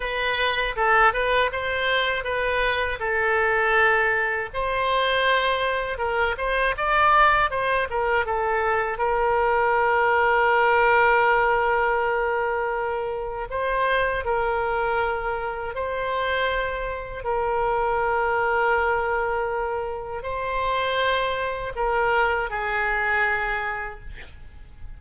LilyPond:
\new Staff \with { instrumentName = "oboe" } { \time 4/4 \tempo 4 = 80 b'4 a'8 b'8 c''4 b'4 | a'2 c''2 | ais'8 c''8 d''4 c''8 ais'8 a'4 | ais'1~ |
ais'2 c''4 ais'4~ | ais'4 c''2 ais'4~ | ais'2. c''4~ | c''4 ais'4 gis'2 | }